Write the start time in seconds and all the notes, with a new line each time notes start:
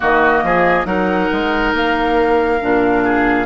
0.00 D#3 A#3 F#4 D#5
0.43 F3 G#4
0.85 F#3 D#4 A#4 F#5
1.32 G#3
1.73 A#3 F5
2.61 A#2 D4
3.03 G#4